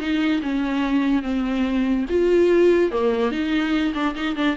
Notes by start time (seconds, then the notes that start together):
0.00 D#4
0.43 C#4
1.23 C4
2.09 F4
2.92 A#3
3.31 D#4
3.94 D4
4.15 D#4
4.36 D4